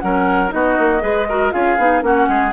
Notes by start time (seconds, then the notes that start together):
0.00 F#3 C#4 A#4 F#5
0.49 B3 D#4 F#4 D#5
0.79 A#3
1.01 G#3 G#4 B4
1.29 F#4 A#4
1.52 C#4 F4 G#4 F5
1.78 B3 D#4
2.01 A#3 C#4 F#4 F#5
2.29 G#3 G#4